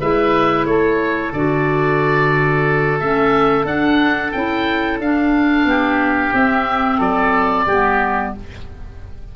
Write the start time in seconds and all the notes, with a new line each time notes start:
0.00 G#3 E4 B4 E5
0.65 A3 A4 C#5
1.32 D3 F#4 D5
2.99 A3 C#4 E5
3.65 D4 F#5
4.31 C#4 E4 G5
4.99 D4 F5
5.65 B3 G4
6.33 C4 E5
6.97 F#3 A4 D5
7.66 G3 B3 G4